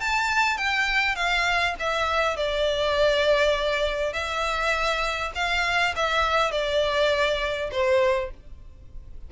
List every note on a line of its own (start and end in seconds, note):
0.00 0.57 A5
0.57 1.16 G5
1.16 1.75 F5
1.79 2.36 E5
2.36 4.13 D5
4.13 5.32 E5
5.35 5.94 F5
5.96 6.51 E5
6.51 7.70 D5
7.71 8.31 C5